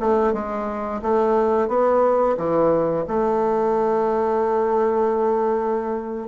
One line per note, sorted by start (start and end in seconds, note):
0.00 0.33 A3
0.33 1.01 G#3
1.02 1.68 A3
1.68 2.36 B3
2.37 3.05 E3
3.07 6.28 A3